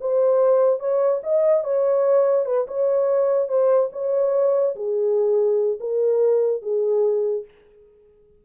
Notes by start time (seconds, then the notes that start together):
0.00 C5
0.79 C#5
1.23 D#5
1.64 C#5
2.45 B4
2.68 C#5
3.48 C5
3.92 C#5
4.75 G#4
5.80 A#4
6.62 G#4